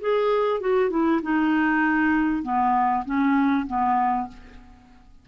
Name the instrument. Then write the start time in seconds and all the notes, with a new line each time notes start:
clarinet
0.00 G#4
0.60 F#4
0.90 E4
1.22 D#4
2.42 B3
3.05 C#4
3.67 B3